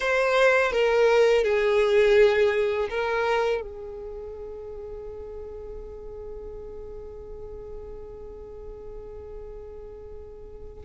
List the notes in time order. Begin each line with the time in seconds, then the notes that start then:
0.00 C5
0.72 A#4
1.44 G#4
2.89 A#4
3.61 G#4